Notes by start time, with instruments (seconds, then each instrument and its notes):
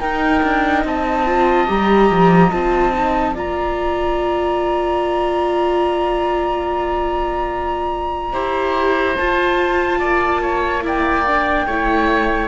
0.00 cello D#4, viola D#4, oboe A#4, flute G5
0.43 cello D4
0.84 cello C4, oboe D#5, flute A5
1.26 viola F4
1.67 cello G3, viola G4, flute A#5
2.10 cello F3
2.51 cello C4, viola F4, flute A5
2.93 viola D#4
3.34 cello A#3, viola F4, oboe D5, flute A#5
8.33 cello E4, viola G4, oboe C5
9.17 viola F4, cello F4, flute A5
9.99 cello A#3, oboe D5
10.41 oboe C#5
10.82 viola E4, oboe D5, flute G5
11.27 viola D4
11.66 cello A3, viola E4, oboe C#5